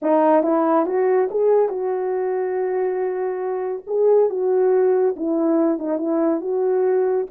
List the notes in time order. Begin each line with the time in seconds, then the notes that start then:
0.02 D#4
0.43 E4
0.86 F#4
1.30 G#4
1.69 F#4
3.86 G#4
4.29 F#4
5.16 E4
5.79 D#4
5.98 E4
6.41 F#4